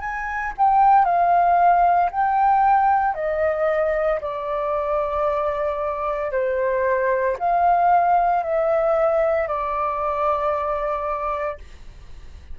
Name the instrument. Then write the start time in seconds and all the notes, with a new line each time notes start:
flute
0.00 G#5
0.57 G5
1.04 F5
2.11 G5
3.14 D#5
4.21 D5
6.31 C5
7.38 F5
8.43 E5
9.47 D5